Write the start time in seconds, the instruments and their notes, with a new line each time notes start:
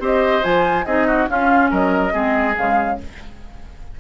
0.00 bassoon C4, clarinet G4, oboe C5, flute D#5
0.43 bassoon F3, clarinet F4, flute G#5
0.86 bassoon C4, clarinet D#4, oboe G#4, flute D#5
1.07 oboe F#4
1.28 clarinet C#4, bassoon C#4, oboe F4, flute F5
1.71 bassoon F#3, oboe A#4, flute D#5
2.12 bassoon G#3, clarinet C4, oboe G#4
2.57 bassoon C#3, clarinet G#3, flute F5